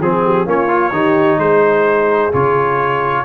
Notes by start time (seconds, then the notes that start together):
0.00 F3 C4 G#4
0.25 G4
0.46 A#3 C#4 F4 C#5
0.68 F4
0.92 D#3 D#4 G4
1.38 G#3 G#4 C5
2.33 C#3 F4 C#5